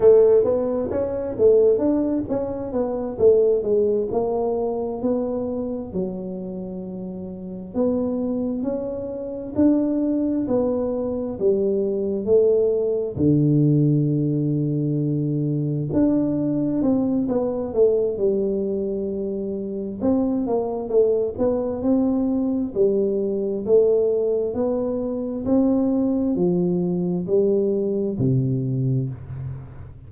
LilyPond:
\new Staff \with { instrumentName = "tuba" } { \time 4/4 \tempo 4 = 66 a8 b8 cis'8 a8 d'8 cis'8 b8 a8 | gis8 ais4 b4 fis4.~ | fis8 b4 cis'4 d'4 b8~ | b8 g4 a4 d4.~ |
d4. d'4 c'8 b8 a8 | g2 c'8 ais8 a8 b8 | c'4 g4 a4 b4 | c'4 f4 g4 c4 | }